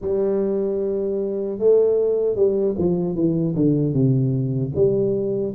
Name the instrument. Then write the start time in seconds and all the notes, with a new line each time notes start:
tuba
0.01 G3
1.58 A3
2.35 G3
2.78 F3
3.15 E3
3.55 D3
3.93 C3
4.75 G3